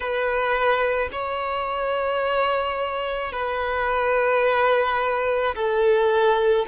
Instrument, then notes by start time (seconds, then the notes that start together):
violin
0.00 B4
1.12 C#5
3.32 B4
5.55 A4